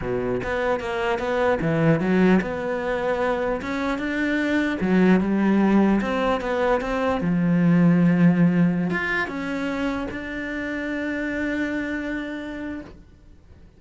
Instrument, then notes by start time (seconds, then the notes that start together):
cello
0.01 B2
0.43 B3
0.80 A#3
1.19 B3
1.61 E3
2.00 F#3
2.41 B3
3.61 C#4
3.98 D4
4.80 F#3
5.20 G3
6.01 C4
6.40 B3
6.81 C4
7.21 F3
8.90 F4
9.27 C#4
10.11 D4